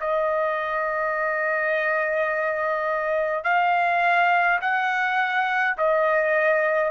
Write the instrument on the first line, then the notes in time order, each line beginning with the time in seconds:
trumpet
0.00 D#5
3.44 F5
4.61 F#5
5.77 D#5